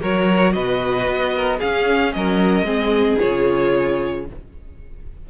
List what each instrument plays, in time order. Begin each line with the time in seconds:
0.00 cello F#3, viola F#4, violin A#4 C#5
0.52 cello B2, violin B4 D#5
1.06 cello B3
1.35 violin A#4
1.58 viola C#4, cello C#4, violin G#4 F5
2.13 cello F#3, violin A#4 D#5
2.62 cello G#3, viola C4, violin G#4
3.19 cello C#3, viola F4, violin C#5